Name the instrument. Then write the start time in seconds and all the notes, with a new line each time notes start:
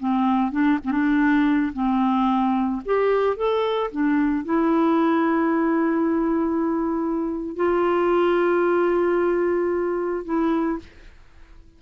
clarinet
0.00 C4
0.52 D4
0.85 C4
0.92 D4
1.74 C4
2.85 G4
3.37 A4
3.91 D4
4.45 E4
7.56 F4
10.25 E4